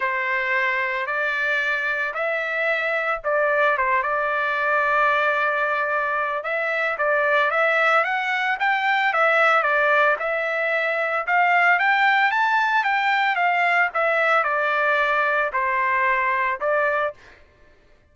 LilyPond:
\new Staff \with { instrumentName = "trumpet" } { \time 4/4 \tempo 4 = 112 c''2 d''2 | e''2 d''4 c''8 d''8~ | d''1 | e''4 d''4 e''4 fis''4 |
g''4 e''4 d''4 e''4~ | e''4 f''4 g''4 a''4 | g''4 f''4 e''4 d''4~ | d''4 c''2 d''4 | }